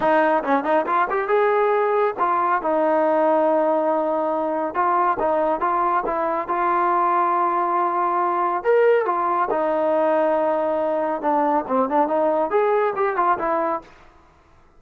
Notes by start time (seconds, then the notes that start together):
0.00 D#4
0.43 C#4
0.64 D#4
0.86 F4
1.10 G4
1.28 G#4
2.19 F4
2.61 D#4
4.74 F4
5.19 D#4
5.60 F4
6.06 E4
6.48 F4
8.63 A#4
9.05 F4
9.50 D#4
11.21 D4
11.67 C4
11.89 D4
12.07 D#4
12.50 G#4
12.96 G4
13.16 F4
13.38 E4